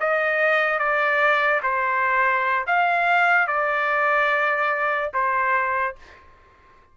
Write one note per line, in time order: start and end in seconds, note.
0.00 0.78 D#5
0.78 1.61 D5
1.63 2.65 C5
2.66 3.47 F5
3.47 5.11 D5
5.13 5.96 C5